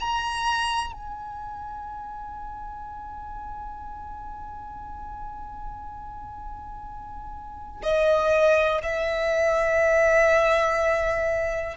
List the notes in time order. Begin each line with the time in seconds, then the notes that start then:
0.00 A#5
0.93 G#5
7.83 D#5
8.83 E5